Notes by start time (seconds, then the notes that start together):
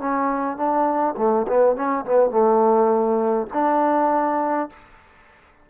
0.00 C#4
0.57 D4
1.17 A3
1.48 B3
1.76 C#4
2.05 B3
2.31 A3
3.53 D4